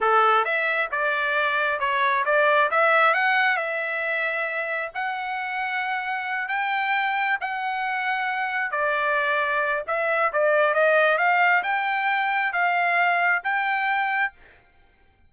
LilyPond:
\new Staff \with { instrumentName = "trumpet" } { \time 4/4 \tempo 4 = 134 a'4 e''4 d''2 | cis''4 d''4 e''4 fis''4 | e''2. fis''4~ | fis''2~ fis''8 g''4.~ |
g''8 fis''2. d''8~ | d''2 e''4 d''4 | dis''4 f''4 g''2 | f''2 g''2 | }